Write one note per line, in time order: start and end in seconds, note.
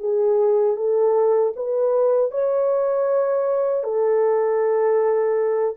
0.00 0.77 G#4
0.77 1.53 A4
1.56 2.31 B4
2.31 3.84 C#5
3.84 5.76 A4